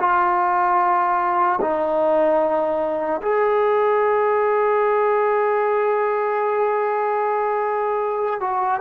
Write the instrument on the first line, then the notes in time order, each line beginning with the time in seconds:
trombone
0.00 F4
1.61 D#4
3.22 G#4
8.41 F#4